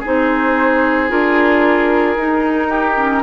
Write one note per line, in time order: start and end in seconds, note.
0.00 1.09 D#4
0.00 2.68 G#4
0.06 1.11 C4
0.06 1.11 C5
1.09 2.17 D4
1.09 2.16 F4
1.09 3.23 A#4
2.17 3.23 D#4
2.17 2.97 D#4
2.69 3.23 G4
2.97 3.23 C#4